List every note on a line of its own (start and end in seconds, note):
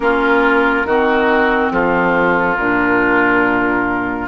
0.00 0.84 A#3
0.00 0.86 C#4
0.00 0.86 F4
0.00 1.70 A#4
0.85 1.71 D#3
0.85 2.59 C4
0.85 1.72 F#4
1.71 2.56 F3
1.71 4.27 F4
1.71 2.56 A4
2.56 4.27 A#2
2.56 4.27 D4
2.56 4.27 A#4